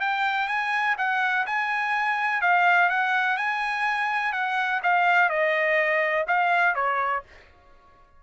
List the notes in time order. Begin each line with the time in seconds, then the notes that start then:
0.00 G5
0.48 G#5
0.98 F#5
1.46 G#5
2.41 F5
2.89 F#5
3.37 G#5
4.32 F#5
4.82 F5
5.29 D#5
6.27 F5
6.75 C#5